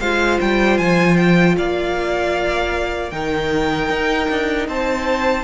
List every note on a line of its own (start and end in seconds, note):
0.00 0.40 G#3
0.00 3.12 F4
0.00 1.56 C5
0.00 0.39 F5
0.41 0.79 G3
0.41 0.78 G5
0.78 1.57 F3
0.78 1.17 G#5
1.17 1.56 G5
1.57 3.12 A#3
1.57 3.13 D5
1.57 3.11 F5
3.11 3.89 D#3
3.11 5.44 D#4
3.11 4.69 A#4
3.11 4.67 G5
3.89 4.28 D#4
4.30 4.68 D4
4.68 5.44 C4
4.68 5.44 C5
4.68 5.44 A5